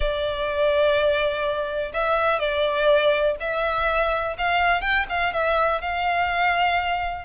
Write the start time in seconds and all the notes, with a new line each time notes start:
0.00 D5
1.93 E5
2.39 D5
3.39 E5
4.37 F5
4.81 G5
5.09 F5
5.33 E5
5.81 F5